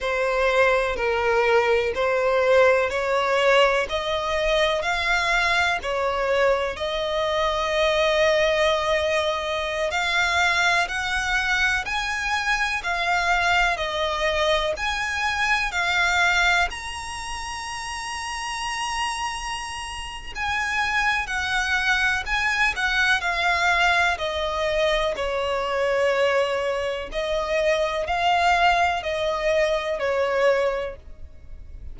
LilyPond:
\new Staff \with { instrumentName = "violin" } { \time 4/4 \tempo 4 = 62 c''4 ais'4 c''4 cis''4 | dis''4 f''4 cis''4 dis''4~ | dis''2~ dis''16 f''4 fis''8.~ | fis''16 gis''4 f''4 dis''4 gis''8.~ |
gis''16 f''4 ais''2~ ais''8.~ | ais''4 gis''4 fis''4 gis''8 fis''8 | f''4 dis''4 cis''2 | dis''4 f''4 dis''4 cis''4 | }